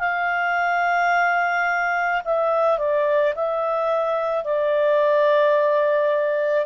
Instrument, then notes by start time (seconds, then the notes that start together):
clarinet
0.00 F5
2.25 E5
2.79 D5
3.35 E5
4.45 D5